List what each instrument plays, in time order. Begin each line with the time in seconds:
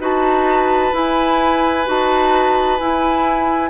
0.00 bassoon D#4, clarinet F#4, oboe B4, flute A5
0.92 clarinet E4, bassoon E4, flute G#5
1.86 bassoon D#4, clarinet F#4, flute A5
2.79 bassoon E4, clarinet E4, flute G#5